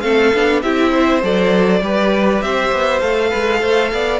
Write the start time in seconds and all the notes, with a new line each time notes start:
0.00 A3 C4 A4 F5
0.34 B3 D4
0.62 C4 E4 G4 E5
0.91 C5
1.22 F#3 A4 D5
1.81 G3 G4 B4
2.41 C4 C5 E5
2.72 B3
3.00 A3 A4 F5
3.29 G#3 B4
3.60 A3 C5
3.92 B3 D5